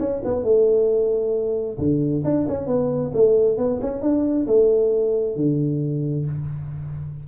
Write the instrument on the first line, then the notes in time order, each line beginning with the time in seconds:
tuba
0.00 C#4
0.25 B3
0.44 A3
1.79 D3
2.24 D4
2.49 C#4
2.67 B3
3.14 A3
3.58 B3
3.81 C#4
4.02 D4
4.47 A3
5.36 D3